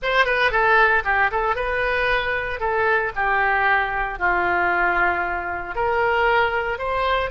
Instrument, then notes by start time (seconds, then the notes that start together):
oboe
0.02 C5
0.25 B4
0.51 A4
1.04 G4
1.31 A4
1.55 B4
2.59 A4
3.15 G4
4.18 F4
5.75 A#4
6.78 C5